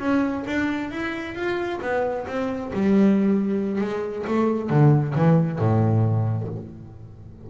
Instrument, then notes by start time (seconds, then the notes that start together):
double bass
0.00 C#4
0.47 D4
0.91 E4
1.35 F4
1.82 B3
2.28 C4
2.73 G3
3.81 G#3
4.27 A3
4.70 D3
5.15 E3
5.59 A2